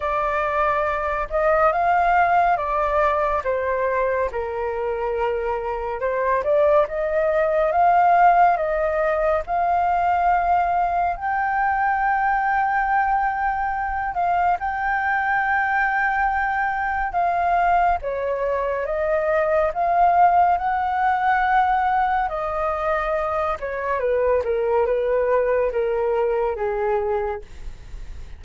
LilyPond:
\new Staff \with { instrumentName = "flute" } { \time 4/4 \tempo 4 = 70 d''4. dis''8 f''4 d''4 | c''4 ais'2 c''8 d''8 | dis''4 f''4 dis''4 f''4~ | f''4 g''2.~ |
g''8 f''8 g''2. | f''4 cis''4 dis''4 f''4 | fis''2 dis''4. cis''8 | b'8 ais'8 b'4 ais'4 gis'4 | }